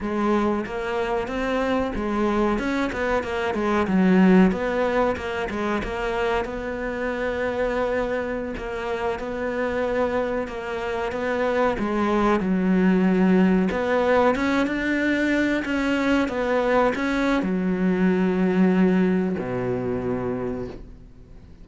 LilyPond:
\new Staff \with { instrumentName = "cello" } { \time 4/4 \tempo 4 = 93 gis4 ais4 c'4 gis4 | cis'8 b8 ais8 gis8 fis4 b4 | ais8 gis8 ais4 b2~ | b4~ b16 ais4 b4.~ b16~ |
b16 ais4 b4 gis4 fis8.~ | fis4~ fis16 b4 cis'8 d'4~ d'16~ | d'16 cis'4 b4 cis'8. fis4~ | fis2 b,2 | }